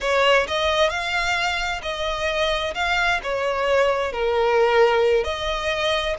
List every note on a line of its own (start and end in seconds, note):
0.01 0.46 C#5
0.47 0.89 D#5
0.89 1.81 F5
1.82 2.74 D#5
2.74 3.20 F5
3.23 4.12 C#5
4.12 5.24 A#4
5.24 6.15 D#5